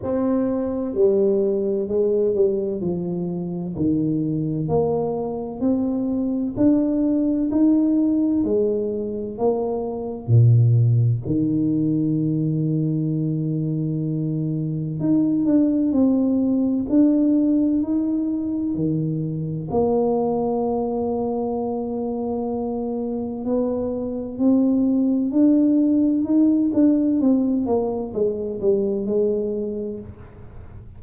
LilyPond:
\new Staff \with { instrumentName = "tuba" } { \time 4/4 \tempo 4 = 64 c'4 g4 gis8 g8 f4 | dis4 ais4 c'4 d'4 | dis'4 gis4 ais4 ais,4 | dis1 |
dis'8 d'8 c'4 d'4 dis'4 | dis4 ais2.~ | ais4 b4 c'4 d'4 | dis'8 d'8 c'8 ais8 gis8 g8 gis4 | }